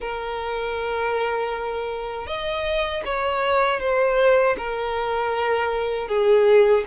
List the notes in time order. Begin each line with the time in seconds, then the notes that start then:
0.00 A#4
2.26 D#5
3.05 C#5
3.80 C5
4.57 A#4
6.08 G#4